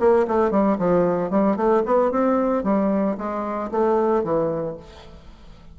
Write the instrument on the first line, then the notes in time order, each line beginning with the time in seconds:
bassoon
0.00 A#3
0.28 A3
0.51 G3
0.79 F3
1.31 G3
1.57 A3
1.86 B3
2.11 C4
2.64 G3
3.18 G#3
3.72 A3
4.24 E3